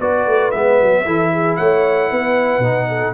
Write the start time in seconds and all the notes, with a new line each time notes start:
0.00 B3 F#4 B4 D5
0.27 A3
0.51 G#3 B3 E5
0.81 F#3
1.05 E3 E4 A4
1.32 G#4
1.56 A3 C#5 F#5
2.09 B3 B4
2.59 B2 D#4
2.88 A4